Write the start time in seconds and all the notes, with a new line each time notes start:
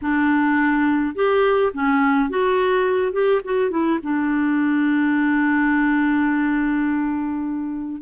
0.01 D4
1.15 G4
1.73 C#4
2.29 F#4
3.12 G4
3.44 F#4
3.70 E4
4.03 D4